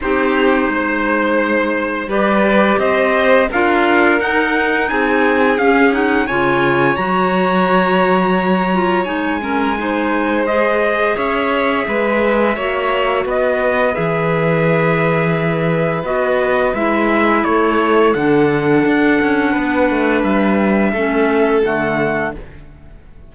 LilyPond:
<<
  \new Staff \with { instrumentName = "trumpet" } { \time 4/4 \tempo 4 = 86 c''2. d''4 | dis''4 f''4 fis''4 gis''4 | f''8 fis''8 gis''4 ais''2~ | ais''4 gis''2 dis''4 |
e''2. dis''4 | e''2. dis''4 | e''4 cis''4 fis''2~ | fis''4 e''2 fis''4 | }
  \new Staff \with { instrumentName = "violin" } { \time 4/4 g'4 c''2 b'4 | c''4 ais'2 gis'4~ | gis'4 cis''2.~ | cis''4. ais'8 c''2 |
cis''4 b'4 cis''4 b'4~ | b'1~ | b'4 a'2. | b'2 a'2 | }
  \new Staff \with { instrumentName = "clarinet" } { \time 4/4 dis'2. g'4~ | g'4 f'4 dis'2 | cis'8 dis'8 f'4 fis'2~ | fis'8 f'8 dis'8 cis'8 dis'4 gis'4~ |
gis'2 fis'2 | gis'2. fis'4 | e'2 d'2~ | d'2 cis'4 a4 | }
  \new Staff \with { instrumentName = "cello" } { \time 4/4 c'4 gis2 g4 | c'4 d'4 dis'4 c'4 | cis'4 cis4 fis2~ | fis4 gis2. |
cis'4 gis4 ais4 b4 | e2. b4 | gis4 a4 d4 d'8 cis'8 | b8 a8 g4 a4 d4 | }
>>